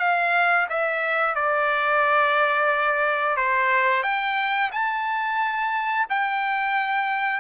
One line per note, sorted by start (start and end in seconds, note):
0.00 0.67 F5
0.70 1.35 E5
1.35 3.37 D5
3.37 4.03 C5
4.03 4.71 G5
4.72 6.07 A5
6.10 7.41 G5